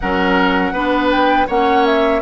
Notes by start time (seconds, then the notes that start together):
0.00 F#3 C#4 A#4 F#5
0.72 B3 D4 B4
1.10 G5
1.47 A#3 C#4 C#5 F#5
1.86 E5